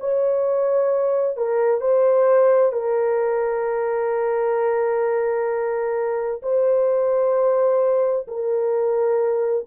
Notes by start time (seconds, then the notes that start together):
0.00 C#5
1.37 A#4
1.81 C5
2.73 A#4
6.42 C5
8.28 A#4